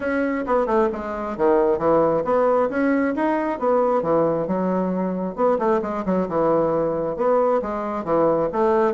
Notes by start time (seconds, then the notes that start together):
0.00 C#4
0.46 B3
0.66 A3
0.92 G#3
1.37 D#3
1.78 E3
2.24 B3
2.69 C#4
3.15 D#4
3.59 B3
4.02 E3
4.47 F#3
5.35 B3
5.58 A3
5.81 G#3
6.05 F#3
6.28 E3
7.16 B3
7.62 G#3
8.04 E3
8.52 A3